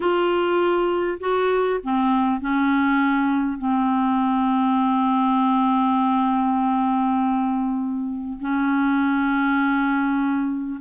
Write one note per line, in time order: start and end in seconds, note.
0.00 1.18 F4
1.19 1.79 F#4
1.83 2.40 C4
2.40 3.58 C#4
3.58 8.38 C4
8.40 10.80 C#4